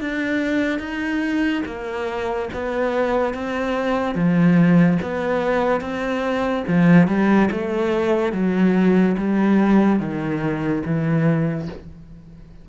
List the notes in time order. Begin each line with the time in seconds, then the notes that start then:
0.00 D4
0.79 D#4
1.65 A#3
2.53 B3
3.33 C4
4.14 F3
5.02 B3
5.80 C4
6.67 F3
7.07 G3
7.51 A3
8.32 F#3
9.17 G3
9.99 D#3
10.85 E3